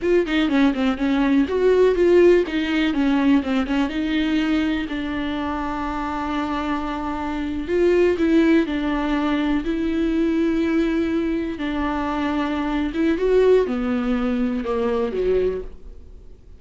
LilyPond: \new Staff \with { instrumentName = "viola" } { \time 4/4 \tempo 4 = 123 f'8 dis'8 cis'8 c'8 cis'4 fis'4 | f'4 dis'4 cis'4 c'8 cis'8 | dis'2 d'2~ | d'2.~ d'8. f'16~ |
f'8. e'4 d'2 e'16~ | e'2.~ e'8. d'16~ | d'2~ d'8 e'8 fis'4 | b2 ais4 fis4 | }